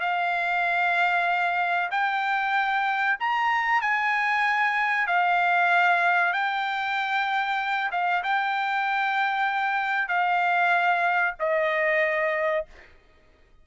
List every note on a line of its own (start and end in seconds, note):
0.00 1.89 F5
1.91 3.17 G5
3.19 3.81 A#5
3.81 5.06 G#5
5.06 6.32 F5
6.32 7.90 G5
7.91 8.22 F5
8.23 10.08 G5
10.08 11.34 F5
11.39 12.65 D#5